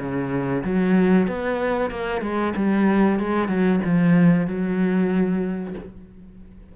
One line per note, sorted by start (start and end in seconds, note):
0.00 0.64 C#3
0.65 1.28 F#3
1.28 1.91 B3
1.91 2.22 A#3
2.22 2.54 G#3
2.56 3.20 G3
3.20 3.49 G#3
3.49 3.81 F#3
3.85 4.48 F3
4.48 5.75 F#3